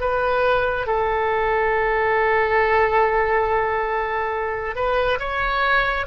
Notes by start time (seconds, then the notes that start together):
0.00 B4
0.86 A4
4.75 B4
5.19 C#5